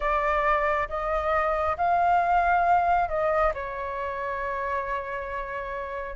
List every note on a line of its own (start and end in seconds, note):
0.00 0.88 D5
0.88 1.76 D#5
1.76 3.08 F5
3.08 3.53 D#5
3.54 6.16 C#5